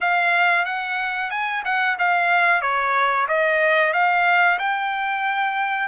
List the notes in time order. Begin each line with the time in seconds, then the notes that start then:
0.00 F5
0.65 F#5
1.30 G#5
1.64 F#5
1.98 F5
2.61 C#5
3.28 D#5
3.93 F5
4.58 G5